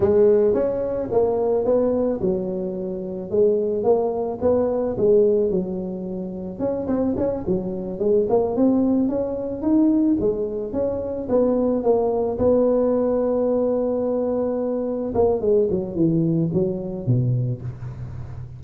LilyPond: \new Staff \with { instrumentName = "tuba" } { \time 4/4 \tempo 4 = 109 gis4 cis'4 ais4 b4 | fis2 gis4 ais4 | b4 gis4 fis2 | cis'8 c'8 cis'8 fis4 gis8 ais8 c'8~ |
c'8 cis'4 dis'4 gis4 cis'8~ | cis'8 b4 ais4 b4.~ | b2.~ b8 ais8 | gis8 fis8 e4 fis4 b,4 | }